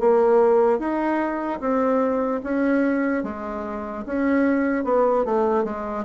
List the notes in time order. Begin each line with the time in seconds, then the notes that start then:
0.00 A#3
0.79 D#4
1.60 C4
2.43 C#4
3.24 G#3
4.06 C#4
4.84 B3
5.25 A3
5.65 G#3